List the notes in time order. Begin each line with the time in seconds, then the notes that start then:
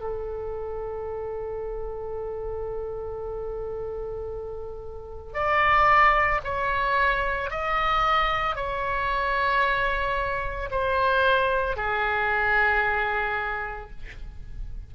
0.00 A4
5.33 D5
6.44 C#5
7.50 D#5
8.55 C#5
10.71 C5
11.76 G#4